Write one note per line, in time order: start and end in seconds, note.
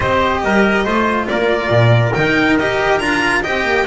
0.00 0.44 C4
0.00 0.86 G4
0.00 0.42 C5
0.00 1.27 D#5
0.44 0.85 G3
0.44 0.84 A#4
0.84 1.27 A3
0.84 2.14 F4
0.84 1.27 C5
1.28 1.69 A#3
1.28 3.42 A#4
1.28 2.13 D5
1.69 2.12 A#2
2.13 2.58 D#3
2.13 2.59 D#4
2.13 2.56 G5
2.59 3.00 D#4
2.59 3.00 G4
2.59 2.98 D#5
2.98 3.43 D4
2.98 3.43 F4
2.98 3.41 A#5
3.42 3.64 C4
3.42 3.86 G4
3.42 3.85 D#5
3.42 3.86 G5
3.64 3.85 A#3